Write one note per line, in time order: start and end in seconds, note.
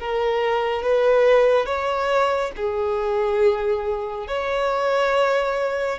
0.00 0.83 A#4
0.83 1.66 B4
1.66 2.52 C#5
2.57 4.27 G#4
4.27 5.99 C#5